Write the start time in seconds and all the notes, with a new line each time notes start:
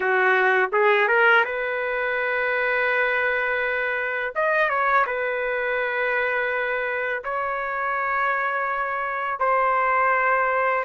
0.00 F#4
0.72 G#4
1.08 A#4
1.44 B4
4.35 D#5
4.69 C#5
5.06 B4
7.24 C#5
9.39 C5